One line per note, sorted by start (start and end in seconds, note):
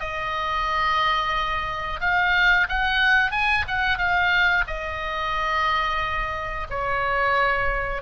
0.00 2.00 D#5
2.00 2.67 F5
2.69 3.31 F#5
3.31 3.65 G#5
3.68 3.98 F#5
3.98 4.65 F5
4.67 6.67 D#5
6.70 8.02 C#5